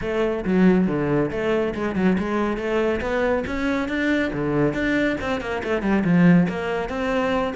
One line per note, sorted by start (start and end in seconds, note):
0.01 0.44 A3
0.45 0.87 F#3
0.87 1.30 D3
1.31 1.74 A3
1.74 1.95 G#3
1.95 2.17 F#3
2.18 2.57 G#3
2.57 3.00 A3
3.00 3.44 B3
3.46 3.88 C#4
3.88 4.31 D4
4.33 4.73 D3
4.73 5.16 D4
5.21 5.41 C4
5.41 5.62 A#3
5.63 5.82 A3
5.82 6.03 G3
6.04 6.47 F3
6.48 6.89 A#3
6.89 7.54 C4